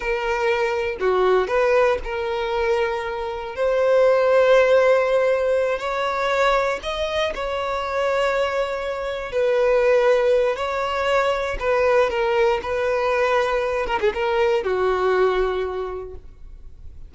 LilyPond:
\new Staff \with { instrumentName = "violin" } { \time 4/4 \tempo 4 = 119 ais'2 fis'4 b'4 | ais'2. c''4~ | c''2.~ c''8 cis''8~ | cis''4. dis''4 cis''4.~ |
cis''2~ cis''8 b'4.~ | b'4 cis''2 b'4 | ais'4 b'2~ b'8 ais'16 gis'16 | ais'4 fis'2. | }